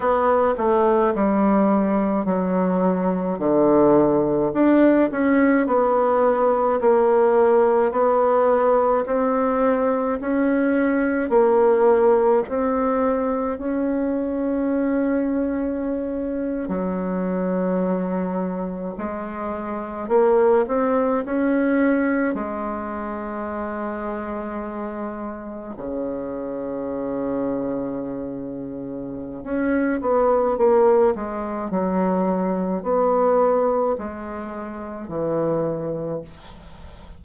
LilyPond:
\new Staff \with { instrumentName = "bassoon" } { \time 4/4 \tempo 4 = 53 b8 a8 g4 fis4 d4 | d'8 cis'8 b4 ais4 b4 | c'4 cis'4 ais4 c'4 | cis'2~ cis'8. fis4~ fis16~ |
fis8. gis4 ais8 c'8 cis'4 gis16~ | gis2~ gis8. cis4~ cis16~ | cis2 cis'8 b8 ais8 gis8 | fis4 b4 gis4 e4 | }